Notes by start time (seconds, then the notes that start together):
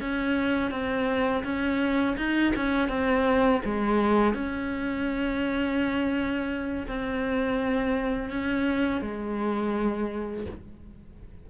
0.00 C#4
0.71 C4
1.44 C#4
2.17 D#4
2.56 C#4
2.88 C4
3.64 G#3
4.34 C#4
6.87 C4
8.30 C#4
9.01 G#3